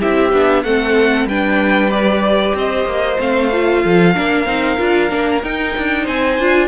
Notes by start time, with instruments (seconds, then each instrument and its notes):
0.00 cello C4, viola E4, violin G4 E5
0.33 cello B3, viola D4
0.63 cello A3, viola C4, violin A4 F#5
1.26 cello G3, viola D4, violin B4 G5
1.90 viola G4, violin D5
2.54 cello C4, violin C5 D#5
2.86 cello A#3
3.19 cello A3, viola C4, violin F5
3.53 viola F4
3.84 cello F3, violin A4
4.14 cello A#3, viola D4, violin A#4
4.46 cello C4, viola D#4
4.78 cello D4, viola F4
5.10 cello A#3, viola D4
5.43 cello D#4, viola D#4, violin G5
5.78 cello D4
6.03 cello C4, violin C5 G#5
6.39 cello D4, viola F4